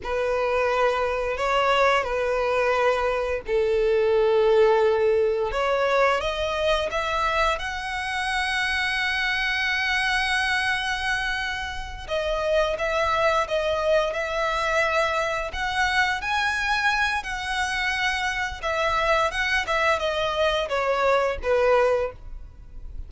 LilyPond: \new Staff \with { instrumentName = "violin" } { \time 4/4 \tempo 4 = 87 b'2 cis''4 b'4~ | b'4 a'2. | cis''4 dis''4 e''4 fis''4~ | fis''1~ |
fis''4. dis''4 e''4 dis''8~ | dis''8 e''2 fis''4 gis''8~ | gis''4 fis''2 e''4 | fis''8 e''8 dis''4 cis''4 b'4 | }